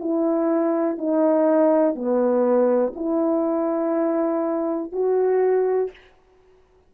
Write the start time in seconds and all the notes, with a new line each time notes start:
0.00 E4
0.98 D#4
1.95 B3
2.96 E4
4.93 F#4